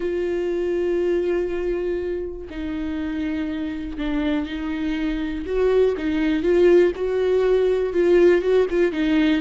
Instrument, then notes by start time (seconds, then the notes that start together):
viola
0.00 F4
2.50 D#4
3.98 D4
4.46 D#4
5.46 F#4
5.97 D#4
6.42 F4
6.95 F#4
7.93 F4
8.41 F#4
8.70 F4
8.91 D#4